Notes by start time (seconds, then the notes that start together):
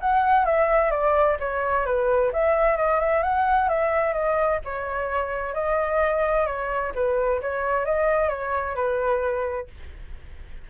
0.00 F#5
0.45 E5
0.91 D5
1.39 C#5
1.85 B4
2.32 E5
2.77 D#5
3.00 E5
3.22 F#5
3.68 E5
4.13 D#5
4.65 C#5
5.54 D#5
6.46 C#5
6.94 B4
7.41 C#5
7.85 D#5
8.29 C#5
8.75 B4